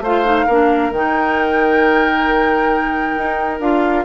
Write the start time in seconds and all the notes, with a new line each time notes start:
0.00 A3 F4 C5 F5
0.25 D#4
0.46 A#3 D4 A#4
0.92 D#3 D#4 G5
3.17 D#4
3.60 D4 F4 F5